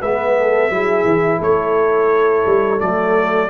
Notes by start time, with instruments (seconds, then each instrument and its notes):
0.00 tuba G#3, trombone B3, horn B4, trumpet E5
0.38 horn A4
0.69 tuba F#3, trombone E4, horn G#4
1.05 tuba E3
1.38 tuba A3, horn A4, trumpet C#5
2.46 tuba G3
2.79 tuba F#3, trombone A3, trumpet D5